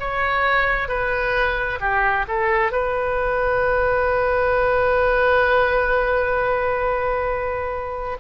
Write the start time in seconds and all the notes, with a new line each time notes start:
0.00 C#5
0.88 B4
1.81 G4
2.28 A4
2.72 B4